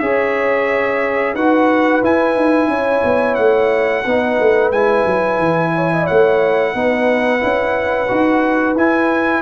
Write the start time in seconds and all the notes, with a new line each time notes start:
0.00 C#4 G#4 C#5 E5
1.34 D#4 F#4 B4 F#5
2.03 E4 G#5
2.37 D#4
2.68 C#4 C#5
3.05 B3
3.35 A3 F#5
4.06 B3 D#4 B4
4.40 A3
4.72 G#3 E4 G#5
5.06 F#3
5.39 E3
5.75 C#5
5.93 D#5
6.04 C#5 F#5
6.11 A3
6.75 B3 D#4 B4
7.40 C#4 E4
8.09 D#4 F#4
8.75 E4 G#5